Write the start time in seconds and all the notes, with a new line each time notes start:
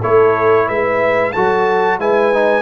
0.00 A3 E4 A4 C#5
0.66 G#3 B4 E5
1.32 F#3 F#4 A4 A5
1.98 G#3 E4 B4 G#5
2.33 D#4